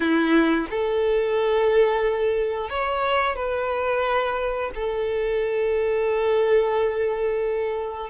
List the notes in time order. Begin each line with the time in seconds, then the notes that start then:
0.00 E4
0.70 A4
2.69 C#5
3.35 B4
4.75 A4